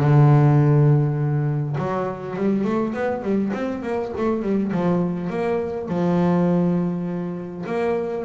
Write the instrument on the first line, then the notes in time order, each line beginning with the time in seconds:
double bass
0.00 D3
1.78 F#3
2.36 G3
2.65 A3
2.94 B3
3.23 G3
3.53 C4
3.83 A#3
4.17 A3
4.43 G3
4.72 F3
5.30 A#3
5.89 F3
7.66 A#3